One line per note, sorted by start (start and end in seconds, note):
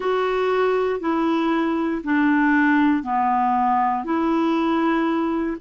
0.00 1.00 F#4
1.00 2.02 E4
2.03 3.03 D4
3.03 4.04 B3
4.04 5.57 E4